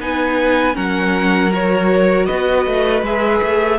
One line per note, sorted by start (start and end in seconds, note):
0.00 0.76 B3
0.00 0.73 D#4
0.00 0.75 B4
0.00 0.76 G#5
0.73 2.28 F#3
0.73 1.49 C#4
0.73 2.26 A#4
0.73 1.52 F#5
1.52 3.04 F#4
1.52 2.26 C#5
2.26 2.66 B3
2.26 3.78 B4
2.26 3.02 D#5
2.66 3.02 A3
3.02 3.40 G#3
3.02 3.79 G#4
3.02 3.79 E5
3.43 3.79 A3